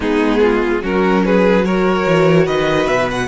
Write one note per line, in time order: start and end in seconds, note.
0.00 0.82 G#3
0.00 0.81 B3
0.00 0.40 D#4
0.00 0.83 G#4
0.41 0.82 F4
0.82 2.06 F#3
0.82 1.64 C#4
0.82 1.23 F#4
0.82 1.25 A#4
1.25 1.65 G#4
1.25 1.65 B4
1.64 3.28 F#4
1.64 2.45 A#4
1.64 2.47 C#5
2.06 2.47 E3
2.45 2.86 D#3
2.45 3.27 B4
2.45 2.87 D#5
2.86 3.28 B2
2.86 3.08 E5
3.10 3.28 F#5